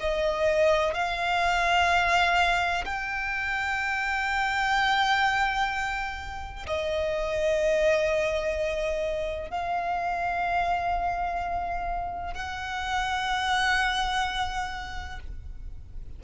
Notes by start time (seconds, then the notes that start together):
0.00 D#5
0.94 F5
2.85 G5
6.67 D#5
9.50 F5
12.33 F#5